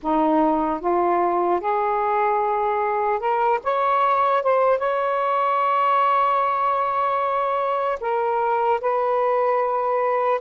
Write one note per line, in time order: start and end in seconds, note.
0.02 0.80 D#4
0.80 1.60 F4
1.60 3.19 G#4
3.19 3.59 A#4
3.63 4.43 C#5
4.43 4.78 C5
4.78 7.98 C#5
8.00 8.80 A#4
8.80 10.40 B4